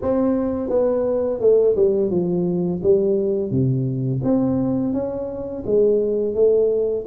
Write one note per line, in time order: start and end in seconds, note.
0.01 0.69 C4
0.69 1.39 B3
1.39 1.75 A3
1.76 2.10 G3
2.10 2.81 F3
2.82 3.50 G3
3.50 4.21 C3
4.23 4.93 C4
4.93 5.63 C#4
5.66 6.34 G#3
6.34 7.05 A3